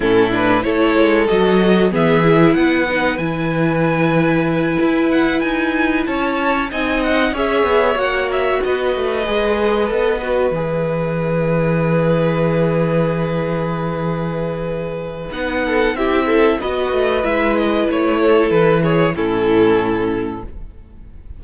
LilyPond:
<<
  \new Staff \with { instrumentName = "violin" } { \time 4/4 \tempo 4 = 94 a'8 b'8 cis''4 dis''4 e''4 | fis''4 gis''2. | fis''8 gis''4 a''4 gis''8 fis''8 e''8~ | e''8 fis''8 e''8 dis''2~ dis''8~ |
dis''8 e''2.~ e''8~ | e''1 | fis''4 e''4 dis''4 e''8 dis''8 | cis''4 b'8 cis''8 a'2 | }
  \new Staff \with { instrumentName = "violin" } { \time 4/4 e'4 a'2 gis'4 | b'1~ | b'4. cis''4 dis''4 cis''8~ | cis''4. b'2~ b'8~ |
b'1~ | b'1~ | b'8 a'8 g'8 a'8 b'2~ | b'8 a'4 gis'8 e'2 | }
  \new Staff \with { instrumentName = "viola" } { \time 4/4 cis'8 d'8 e'4 fis'4 b8 e'8~ | e'8 dis'8 e'2.~ | e'2~ e'8 dis'4 gis'8~ | gis'8 fis'2 gis'4 a'8 |
fis'8 gis'2.~ gis'8~ | gis'1 | dis'4 e'4 fis'4 e'4~ | e'2 cis'2 | }
  \new Staff \with { instrumentName = "cello" } { \time 4/4 a,4 a8 gis8 fis4 e4 | b4 e2~ e8 e'8~ | e'8 dis'4 cis'4 c'4 cis'8 | b8 ais4 b8 a8 gis4 b8~ |
b8 e2.~ e8~ | e1 | b4 c'4 b8 a8 gis4 | a4 e4 a,2 | }
>>